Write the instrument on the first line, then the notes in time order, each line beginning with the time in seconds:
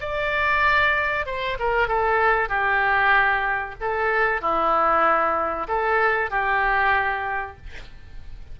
oboe
0.00 D5
1.26 C5
1.59 A#4
1.88 A4
2.49 G4
3.81 A4
4.41 E4
5.68 A4
6.30 G4